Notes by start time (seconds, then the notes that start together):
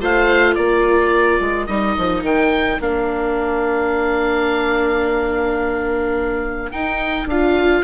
0.00 A3 F4 C5 F5
0.55 A#3 A#4 D5
1.40 G#3
1.67 G3 D#4 D#5
1.98 F3
2.23 D#3 G5
2.81 A#3 D4 F5
6.72 D#4 G5
7.27 D4 F4 F5